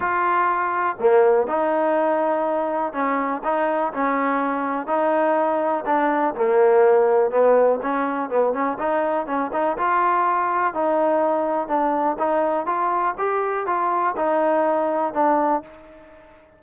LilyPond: \new Staff \with { instrumentName = "trombone" } { \time 4/4 \tempo 4 = 123 f'2 ais4 dis'4~ | dis'2 cis'4 dis'4 | cis'2 dis'2 | d'4 ais2 b4 |
cis'4 b8 cis'8 dis'4 cis'8 dis'8 | f'2 dis'2 | d'4 dis'4 f'4 g'4 | f'4 dis'2 d'4 | }